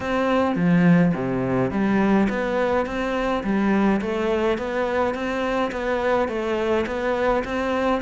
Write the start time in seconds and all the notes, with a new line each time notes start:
0.00 C4
0.55 F3
1.14 C3
1.70 G3
2.29 B3
2.85 C4
3.43 G3
4.01 A3
4.58 B3
5.14 C4
5.71 B3
6.28 A3
6.86 B3
7.44 C4